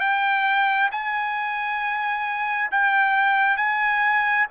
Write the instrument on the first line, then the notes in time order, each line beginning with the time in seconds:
trumpet
0.00 G5
0.92 G#5
2.71 G5
3.57 G#5